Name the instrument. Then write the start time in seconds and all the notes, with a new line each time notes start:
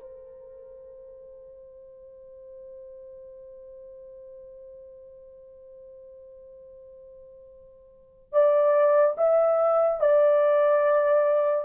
horn
0.00 C5
8.33 D5
9.17 E5
10.00 D5